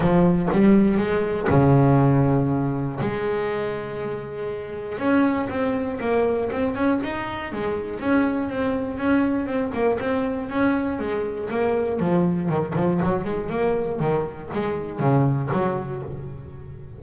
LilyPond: \new Staff \with { instrumentName = "double bass" } { \time 4/4 \tempo 4 = 120 f4 g4 gis4 cis4~ | cis2 gis2~ | gis2 cis'4 c'4 | ais4 c'8 cis'8 dis'4 gis4 |
cis'4 c'4 cis'4 c'8 ais8 | c'4 cis'4 gis4 ais4 | f4 dis8 f8 fis8 gis8 ais4 | dis4 gis4 cis4 fis4 | }